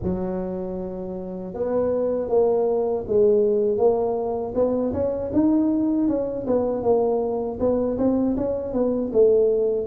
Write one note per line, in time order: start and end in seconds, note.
0.02 1.54 F#3
1.54 2.28 B3
2.28 3.04 A#3
3.07 3.77 G#3
3.77 4.53 A#3
4.54 4.92 B3
4.93 5.31 C#4
5.33 6.08 D#4
6.08 6.46 C#4
6.46 6.83 B3
6.83 7.58 A#3
7.59 7.97 B3
7.97 8.35 C4
8.36 8.73 C#4
8.73 9.11 B3
9.12 9.86 A3